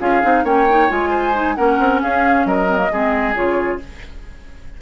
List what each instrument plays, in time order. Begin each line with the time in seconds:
0.00 bassoon C#4, clarinet F4, oboe G#4, flute F5
0.22 bassoon C4, clarinet D#4
0.44 bassoon A#3, clarinet C#4, oboe C#5, flute G5
0.70 clarinet D#4
0.89 bassoon G#3, clarinet F4, flute G#5
1.10 oboe C5
1.34 clarinet D#4
1.56 bassoon A#3, clarinet C#4, oboe A#4, flute F#5
1.79 bassoon C4
2.02 bassoon C#4, oboe G#4, flute F5
2.46 bassoon F#3, oboe A#4, flute D#5
2.69 clarinet C4
2.77 clarinet A#3
2.92 bassoon G#3, clarinet C4, oboe G#4
3.35 bassoon C#3, clarinet F4, flute C#5